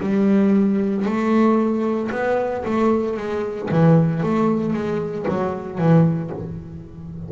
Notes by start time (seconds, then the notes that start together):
0.00 G3
1.05 A3
2.11 B3
2.65 A3
3.17 G#3
3.71 E3
4.22 A3
4.73 G#3
5.28 F#3
5.78 E3